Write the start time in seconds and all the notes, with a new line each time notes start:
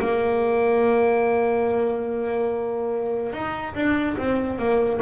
0.00 A#3
3.33 D#4
3.75 D4
4.17 C4
4.59 A#3